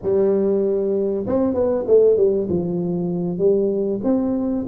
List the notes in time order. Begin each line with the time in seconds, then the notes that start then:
0.02 G3
1.26 C4
1.54 B3
1.87 A3
2.16 G3
2.49 F3
3.38 G3
4.03 C4